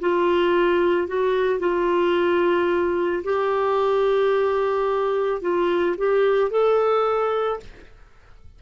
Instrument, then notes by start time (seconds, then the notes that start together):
clarinet
0.00 F4
1.07 F#4
1.59 F4
3.24 G4
5.41 F4
5.97 G4
6.51 A4